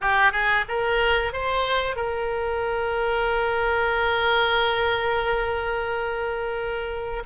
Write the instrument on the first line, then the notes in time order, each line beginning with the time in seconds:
oboe
0.01 G4
0.31 G#4
0.68 A#4
1.32 C5
1.95 A#4